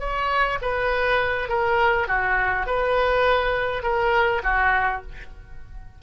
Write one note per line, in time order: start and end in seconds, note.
0.00 0.59 C#5
0.62 1.49 B4
1.49 2.08 A#4
2.08 2.67 F#4
2.67 3.83 B4
3.83 4.42 A#4
4.44 5.02 F#4